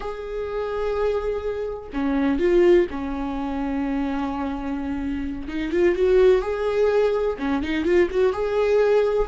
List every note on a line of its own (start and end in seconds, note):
0.00 1.89 G#4
1.93 2.39 C#4
2.39 2.86 F4
2.90 5.48 C#4
5.48 5.71 D#4
5.71 5.95 F4
5.95 6.41 F#4
6.41 7.36 G#4
7.38 7.62 C#4
7.63 7.84 D#4
7.84 8.08 F4
8.10 8.32 F#4
8.32 9.28 G#4